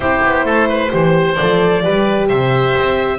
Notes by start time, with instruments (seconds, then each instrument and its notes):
0.00 double bass C4, horn E4, oboe G4, violin C5
0.24 double bass B3
0.44 double bass A3, oboe A4
0.69 oboe B4
0.90 double bass E3, horn G4, oboe C5
1.34 horn A4, violin D5
1.41 double bass F3
1.82 double bass G3, horn G4, oboe B4
2.28 double bass C3, oboe C5, violin E5
2.79 double bass C4